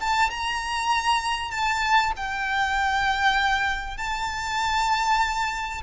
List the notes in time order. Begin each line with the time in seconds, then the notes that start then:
0.00 A5
0.30 A#5
1.51 A5
2.17 G5
3.97 A5